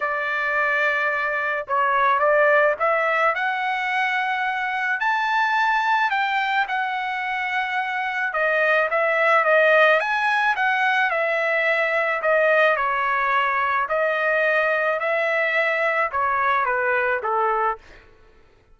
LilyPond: \new Staff \with { instrumentName = "trumpet" } { \time 4/4 \tempo 4 = 108 d''2. cis''4 | d''4 e''4 fis''2~ | fis''4 a''2 g''4 | fis''2. dis''4 |
e''4 dis''4 gis''4 fis''4 | e''2 dis''4 cis''4~ | cis''4 dis''2 e''4~ | e''4 cis''4 b'4 a'4 | }